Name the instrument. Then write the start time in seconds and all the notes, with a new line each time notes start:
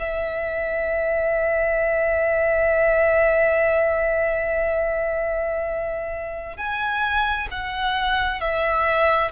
violin
0.00 E5
6.57 G#5
7.52 F#5
8.41 E5